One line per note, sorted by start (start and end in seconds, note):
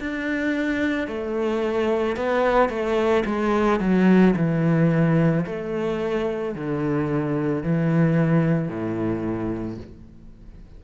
0.00 1.08 D4
1.08 2.16 A3
2.16 2.69 B3
2.69 3.24 A3
3.26 3.80 G#3
3.80 4.34 F#3
4.36 5.45 E3
5.46 6.55 A3
6.55 7.63 D3
7.63 8.69 E3
8.69 9.78 A2